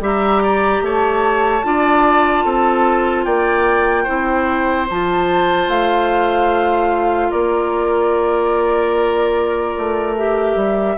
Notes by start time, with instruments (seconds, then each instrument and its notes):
0.00 bassoon G3, clarinet G4, oboe E5, flute A#5
0.43 oboe D5
0.81 bassoon A3, oboe C#5, flute A5
1.63 bassoon D4, clarinet F4, oboe D5
2.44 bassoon C4, oboe A4
3.24 bassoon A#3, oboe D5, flute G5
4.03 bassoon C4, clarinet E4, oboe C5
4.89 bassoon F3, clarinet F4, flute A5
5.68 bassoon A3, flute F5
7.30 bassoon A#3, oboe A#4, flute D5
9.77 bassoon A3
10.17 clarinet G4, flute E5
10.55 bassoon G3